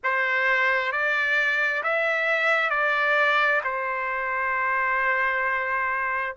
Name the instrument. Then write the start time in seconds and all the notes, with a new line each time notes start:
trumpet
0.03 C5
0.92 D5
1.83 E5
2.70 D5
3.64 C5